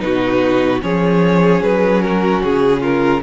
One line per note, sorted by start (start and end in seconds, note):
0.00 0.83 B2
0.00 0.80 D#4
0.00 0.84 F#4
0.00 0.81 B4
0.82 1.62 F3
0.82 3.22 C#4
0.82 2.04 G#4
0.82 1.63 C#5
1.62 2.42 F#3
1.62 2.03 B4
2.03 2.81 F#4
2.03 2.43 A#4
2.44 3.24 C#3
2.44 2.83 G#4
2.81 3.21 F4
2.81 3.23 A#4